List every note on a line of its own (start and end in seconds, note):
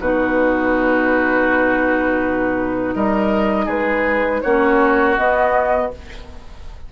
0.00 2.95 B2
0.00 4.45 D#4
0.00 2.95 F#4
0.00 2.96 B4
2.95 3.67 G3
2.95 3.66 A#4
2.95 3.70 D#5
3.66 4.41 G#3
3.66 4.40 G#4
3.66 4.42 B4
4.42 5.19 A#3
4.42 5.18 C#4
4.42 5.92 F#4
4.42 5.16 C#5
5.17 5.92 B3
5.17 5.93 B3
5.17 5.91 D#5